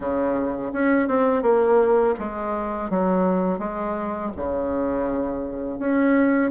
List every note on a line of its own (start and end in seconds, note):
0.00 0.71 C#3
0.72 1.08 C#4
1.08 1.42 C4
1.42 2.14 A#3
2.19 2.90 G#3
2.90 3.58 F#3
3.58 4.31 G#3
4.36 5.79 C#3
5.79 6.51 C#4